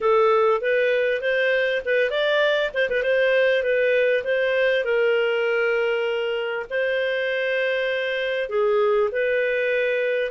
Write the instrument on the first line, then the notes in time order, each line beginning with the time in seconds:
clarinet
0.01 A4
0.61 B4
1.21 C5
1.85 B4
2.10 D5
2.74 C5
2.89 B4
3.02 C5
3.63 B4
4.24 C5
4.84 A#4
6.70 C5
8.49 G#4
9.11 B4